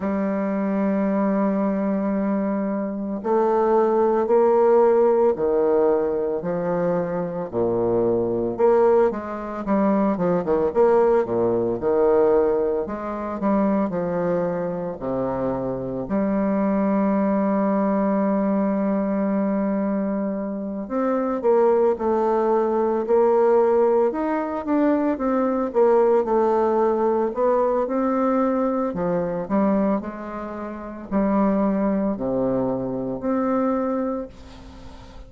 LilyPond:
\new Staff \with { instrumentName = "bassoon" } { \time 4/4 \tempo 4 = 56 g2. a4 | ais4 dis4 f4 ais,4 | ais8 gis8 g8 f16 dis16 ais8 ais,8 dis4 | gis8 g8 f4 c4 g4~ |
g2.~ g8 c'8 | ais8 a4 ais4 dis'8 d'8 c'8 | ais8 a4 b8 c'4 f8 g8 | gis4 g4 c4 c'4 | }